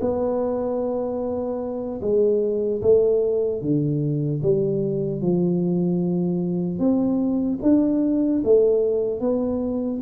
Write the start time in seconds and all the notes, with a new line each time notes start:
0.00 B3
2.01 G#3
2.81 A3
3.61 D3
4.43 G3
5.21 F3
6.79 C4
7.62 D4
8.44 A3
9.20 B3